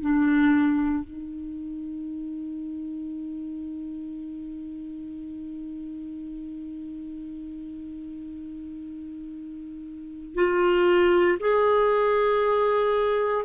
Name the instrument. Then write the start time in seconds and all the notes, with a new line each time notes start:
clarinet
0.00 D4
1.04 D#4
10.34 F4
11.39 G#4